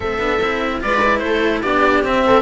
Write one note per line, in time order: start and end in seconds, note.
0.00 0.18 A3
0.00 0.18 C4
0.00 0.82 A4
0.00 0.81 E5
0.18 0.38 B3
0.18 0.39 D4
0.41 0.82 C4
0.41 0.80 E4
0.80 1.22 G#3
0.80 1.01 F4
0.80 1.24 B4
0.80 1.18 D5
1.03 1.64 E4
1.18 1.62 A3
1.18 1.59 C5
1.24 1.62 A4
1.62 2.02 B3
1.62 2.04 D4
1.62 2.24 G4
1.62 2.03 D5
2.02 2.42 C4
2.02 2.42 E5
2.26 2.42 A4